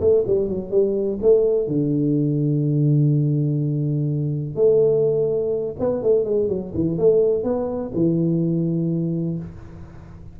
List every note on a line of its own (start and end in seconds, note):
0.00 0.24 A3
0.26 0.48 G3
0.48 0.71 F#3
0.71 1.19 G3
1.22 1.67 A3
1.67 4.55 D3
4.55 5.75 A3
5.79 6.02 B3
6.02 6.24 A3
6.24 6.48 G#3
6.48 6.72 F#3
6.74 6.98 E3
6.98 7.43 A3
7.43 7.91 B3
7.94 9.38 E3